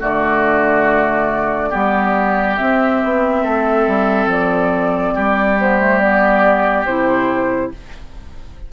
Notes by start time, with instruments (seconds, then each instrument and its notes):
0.00 bassoon D3, clarinet A3, oboe F#4, flute D5
1.69 bassoon G3, clarinet B3, oboe G4
2.56 clarinet C4, bassoon C4, flute E5
3.03 bassoon B3
3.43 bassoon A3, oboe A4
3.87 bassoon G3
4.26 bassoon F3, flute D5
5.14 bassoon G3, oboe G4
5.57 clarinet B3, flute C5
5.79 clarinet A3
5.99 clarinet B3, flute D5
6.85 bassoon C3, clarinet E4, flute C5